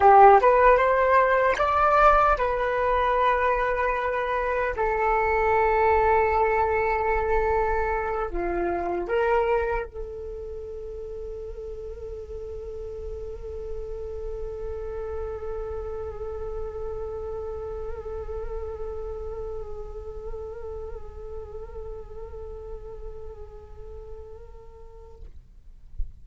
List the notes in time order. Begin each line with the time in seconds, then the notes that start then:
0.00 G4
0.41 B4
0.77 C5
1.58 D5
2.37 B4
4.76 A4
8.30 F4
9.08 A#4
9.85 A4